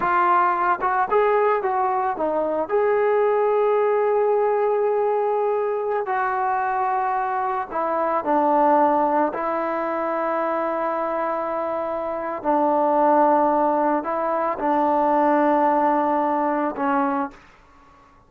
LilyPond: \new Staff \with { instrumentName = "trombone" } { \time 4/4 \tempo 4 = 111 f'4. fis'8 gis'4 fis'4 | dis'4 gis'2.~ | gis'2.~ gis'16 fis'8.~ | fis'2~ fis'16 e'4 d'8.~ |
d'4~ d'16 e'2~ e'8.~ | e'2. d'4~ | d'2 e'4 d'4~ | d'2. cis'4 | }